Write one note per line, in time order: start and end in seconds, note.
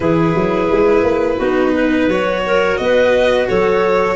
0.00 0.35 E3
0.00 1.40 E4
0.00 1.37 G#4
0.00 2.09 B4
0.35 0.70 F#3
0.71 1.03 G#3
1.03 1.38 A#3
1.37 2.07 B3
1.37 2.10 D#4
1.37 1.72 F#4
1.73 2.42 B4
2.07 2.77 F#3
2.07 4.15 F#4
2.07 2.77 C#5
2.45 2.80 A#4
2.77 3.48 B3
2.77 3.49 B4
2.77 3.47 D#5
3.49 4.15 F#3
3.49 4.15 A4
3.49 4.15 C#5